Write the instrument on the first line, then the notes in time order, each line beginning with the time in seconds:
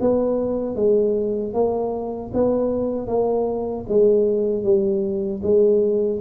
tuba
0.00 B3
0.75 G#3
1.53 A#3
2.33 B3
3.07 A#3
3.88 G#3
4.63 G3
5.43 G#3